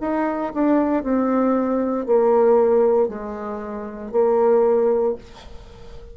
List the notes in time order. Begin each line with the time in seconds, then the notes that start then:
0.00 D#4
0.54 D4
1.03 C4
2.05 A#3
3.08 G#3
4.11 A#3